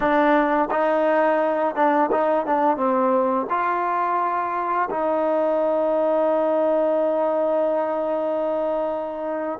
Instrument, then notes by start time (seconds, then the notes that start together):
trombone
0.00 D4
0.70 D#4
1.75 D4
2.11 D#4
2.46 D4
2.77 C4
3.49 F4
4.90 D#4